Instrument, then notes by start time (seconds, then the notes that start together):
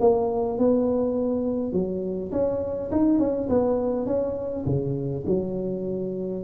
tuba
0.00 A#3
0.58 B3
1.72 F#3
2.32 C#4
2.91 D#4
3.18 C#4
3.49 B3
4.06 C#4
4.66 C#3
5.26 F#3